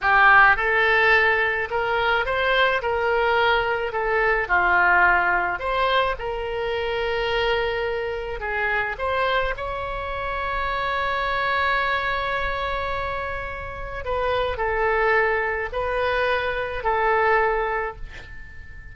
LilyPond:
\new Staff \with { instrumentName = "oboe" } { \time 4/4 \tempo 4 = 107 g'4 a'2 ais'4 | c''4 ais'2 a'4 | f'2 c''4 ais'4~ | ais'2. gis'4 |
c''4 cis''2.~ | cis''1~ | cis''4 b'4 a'2 | b'2 a'2 | }